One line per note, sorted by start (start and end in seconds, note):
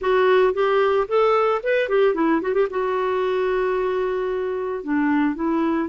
0.01 0.53 F#4
0.53 1.07 G4
1.07 1.61 A4
1.63 1.88 B4
1.88 2.14 G4
2.14 2.41 E4
2.41 2.54 F#4
2.54 2.67 G4
2.69 4.83 F#4
4.83 5.35 D4
5.35 5.88 E4